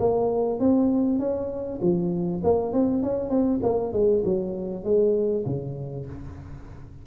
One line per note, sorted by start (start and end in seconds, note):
0.00 0.60 A#3
0.60 1.20 C4
1.20 1.80 C#4
1.82 2.43 F3
2.44 2.73 A#3
2.73 3.03 C4
3.03 3.30 C#4
3.30 3.61 C4
3.63 3.93 A#3
3.93 4.24 G#3
4.25 4.85 F#3
4.85 5.45 G#3
5.46 6.07 C#3